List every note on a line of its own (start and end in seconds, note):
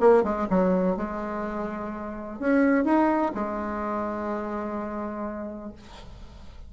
0.00 0.23 A#3
0.23 0.47 G#3
0.50 0.97 F#3
0.97 2.39 G#3
2.39 2.84 C#4
2.84 3.32 D#4
3.35 5.73 G#3